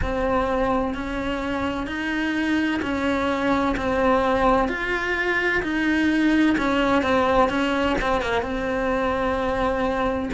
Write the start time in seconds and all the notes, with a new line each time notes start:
0.02 C4
0.94 C#4
1.87 D#4
2.82 C#4
3.77 C4
4.68 F4
5.62 D#4
6.57 C#4
7.02 C4
7.49 C#4
8.01 C4
8.21 A#3
8.42 C4